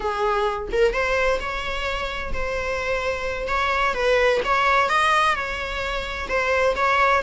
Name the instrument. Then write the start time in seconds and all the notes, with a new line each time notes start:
viola
0.00 G#4
0.71 A#4
0.93 C5
1.40 C#5
2.33 C5
3.47 C#5
3.94 B4
4.44 C#5
4.89 D#5
5.35 C#5
6.28 C5
6.75 C#5